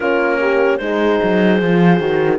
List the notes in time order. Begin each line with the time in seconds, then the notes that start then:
0.00 A#3 C#4 F4 A#4
0.40 G4
0.77 G#3 D#4 G#4 C5
1.23 F#3
1.60 F3 F4
1.99 D#3 F#4